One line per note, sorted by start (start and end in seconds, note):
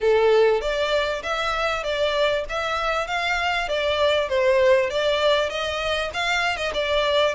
0.00 0.61 A4
0.61 1.22 D5
1.22 1.83 E5
1.83 2.44 D5
2.49 3.07 E5
3.07 3.68 F5
3.68 4.28 D5
4.28 4.90 C5
4.90 5.49 D5
5.49 6.11 D#5
6.13 6.56 F5
6.56 6.72 D#5
6.73 7.34 D5